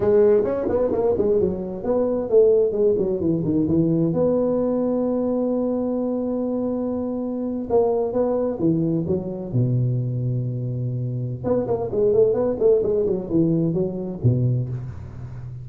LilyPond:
\new Staff \with { instrumentName = "tuba" } { \time 4/4 \tempo 4 = 131 gis4 cis'8 b8 ais8 gis8 fis4 | b4 a4 gis8 fis8 e8 dis8 | e4 b2.~ | b1~ |
b8. ais4 b4 e4 fis16~ | fis8. b,2.~ b,16~ | b,4 b8 ais8 gis8 a8 b8 a8 | gis8 fis8 e4 fis4 b,4 | }